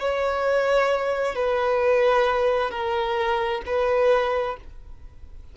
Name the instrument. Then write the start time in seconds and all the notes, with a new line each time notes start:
violin
0.00 C#5
1.35 B4
2.71 A#4
3.66 B4